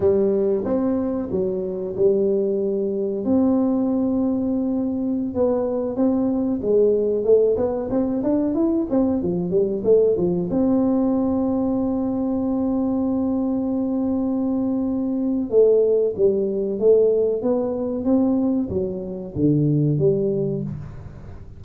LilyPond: \new Staff \with { instrumentName = "tuba" } { \time 4/4 \tempo 4 = 93 g4 c'4 fis4 g4~ | g4 c'2.~ | c'16 b4 c'4 gis4 a8 b16~ | b16 c'8 d'8 e'8 c'8 f8 g8 a8 f16~ |
f16 c'2.~ c'8.~ | c'1 | a4 g4 a4 b4 | c'4 fis4 d4 g4 | }